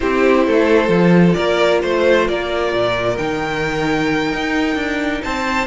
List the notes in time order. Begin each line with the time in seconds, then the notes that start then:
0.00 C4 E4 G4 C5
0.46 A3 A4
0.87 F3 F4
1.33 A#3 A#4 D5
1.82 A3 C5
2.28 A#3 A#4 D5
2.72 A#2
3.17 D#3 D#4 G5
4.32 D#4
4.75 D4
5.23 C4 C5 A5